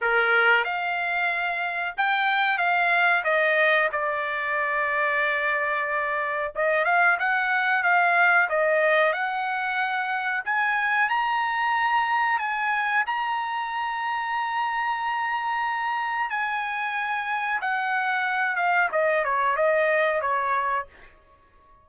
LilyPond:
\new Staff \with { instrumentName = "trumpet" } { \time 4/4 \tempo 4 = 92 ais'4 f''2 g''4 | f''4 dis''4 d''2~ | d''2 dis''8 f''8 fis''4 | f''4 dis''4 fis''2 |
gis''4 ais''2 gis''4 | ais''1~ | ais''4 gis''2 fis''4~ | fis''8 f''8 dis''8 cis''8 dis''4 cis''4 | }